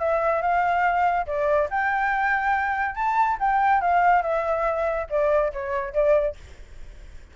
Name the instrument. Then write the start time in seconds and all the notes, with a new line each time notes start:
flute
0.00 E5
0.42 F5
1.27 D5
1.71 G5
2.95 A5
3.40 G5
3.81 F5
4.23 E5
5.10 D5
5.53 C#5
5.94 D5